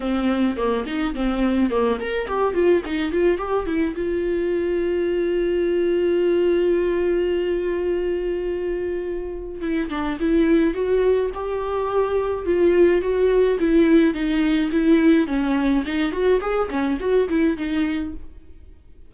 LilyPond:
\new Staff \with { instrumentName = "viola" } { \time 4/4 \tempo 4 = 106 c'4 ais8 dis'8 c'4 ais8 ais'8 | g'8 f'8 dis'8 f'8 g'8 e'8 f'4~ | f'1~ | f'1~ |
f'4 e'8 d'8 e'4 fis'4 | g'2 f'4 fis'4 | e'4 dis'4 e'4 cis'4 | dis'8 fis'8 gis'8 cis'8 fis'8 e'8 dis'4 | }